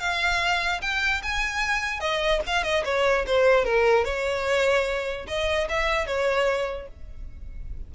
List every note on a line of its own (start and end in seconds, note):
0.00 0.81 F5
0.82 1.22 G5
1.23 2.00 G#5
2.00 2.41 D#5
2.47 2.64 F5
2.64 2.84 D#5
2.85 3.25 C#5
3.27 3.65 C5
3.65 4.05 A#4
4.05 5.26 C#5
5.27 5.68 D#5
5.69 6.07 E5
6.07 6.88 C#5